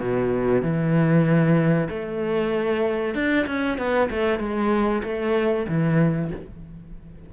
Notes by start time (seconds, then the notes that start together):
0.00 B2
0.62 E3
1.89 A3
3.15 D4
3.47 C#4
3.78 B3
4.11 A3
4.40 G#3
5.03 A3
5.68 E3